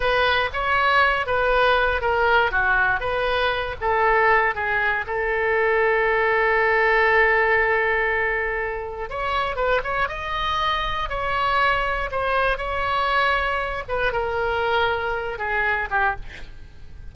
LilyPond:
\new Staff \with { instrumentName = "oboe" } { \time 4/4 \tempo 4 = 119 b'4 cis''4. b'4. | ais'4 fis'4 b'4. a'8~ | a'4 gis'4 a'2~ | a'1~ |
a'2 cis''4 b'8 cis''8 | dis''2 cis''2 | c''4 cis''2~ cis''8 b'8 | ais'2~ ais'8 gis'4 g'8 | }